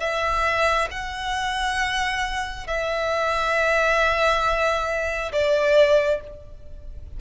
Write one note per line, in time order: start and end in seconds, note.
0.00 0.88 E5
0.91 2.67 F#5
2.67 5.31 E5
5.32 6.20 D5